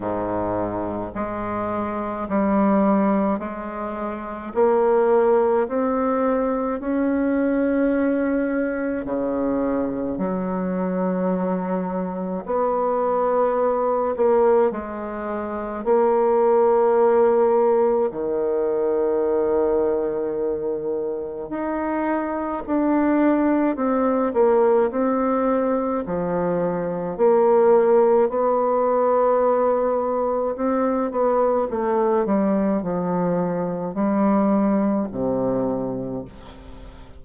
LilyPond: \new Staff \with { instrumentName = "bassoon" } { \time 4/4 \tempo 4 = 53 gis,4 gis4 g4 gis4 | ais4 c'4 cis'2 | cis4 fis2 b4~ | b8 ais8 gis4 ais2 |
dis2. dis'4 | d'4 c'8 ais8 c'4 f4 | ais4 b2 c'8 b8 | a8 g8 f4 g4 c4 | }